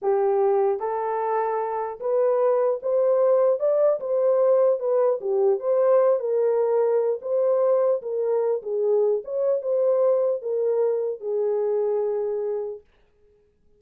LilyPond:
\new Staff \with { instrumentName = "horn" } { \time 4/4 \tempo 4 = 150 g'2 a'2~ | a'4 b'2 c''4~ | c''4 d''4 c''2 | b'4 g'4 c''4. ais'8~ |
ais'2 c''2 | ais'4. gis'4. cis''4 | c''2 ais'2 | gis'1 | }